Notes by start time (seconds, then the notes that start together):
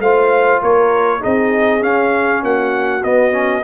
0.00 A3 F4 C5 F5
0.62 A#3 A#4 C#5
1.20 C4 D#4 G#4 D#5
1.81 C#4 F5
2.43 A#3 F#4 F#5
3.04 B3 D#5
3.32 C#4